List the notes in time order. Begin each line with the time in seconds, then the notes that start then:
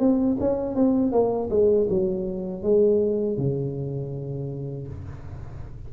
0.00 C4
0.40 C#4
0.76 C4
1.12 A#3
1.50 G#3
1.90 F#3
2.63 G#3
3.38 C#3